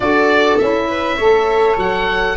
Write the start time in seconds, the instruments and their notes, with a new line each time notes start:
0.00 tuba D4, saxophone F#4, viola A4, oboe D5
0.57 tuba C#4, saxophone E4, oboe E5
0.87 viola B4
1.16 tuba A3, saxophone A4, viola C#5
1.76 tuba F#3, oboe F#5